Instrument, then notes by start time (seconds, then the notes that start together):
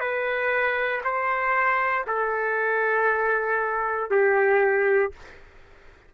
trumpet
0.00 B4
1.04 C5
2.07 A4
4.10 G4